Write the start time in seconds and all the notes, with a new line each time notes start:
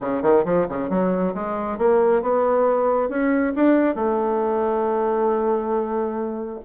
0.00 C#3
0.22 D#3
0.44 F3
0.68 C#3
0.89 F#3
1.34 G#3
1.78 A#3
2.22 B3
3.09 C#4
3.55 D4
3.95 A3